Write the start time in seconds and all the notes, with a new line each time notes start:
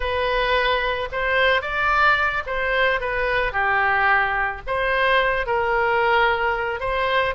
0.00 B4
1.12 C5
1.61 D5
2.46 C5
3.00 B4
3.52 G4
4.66 C5
5.46 A#4
6.80 C5